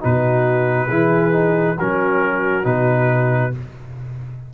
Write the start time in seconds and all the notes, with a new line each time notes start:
0.00 B2 D#4 F#4 B4
0.87 E3 E4 G#4
1.32 D#4
1.77 F#3 C#4 F#4 A#4
2.64 B2 D#4 B4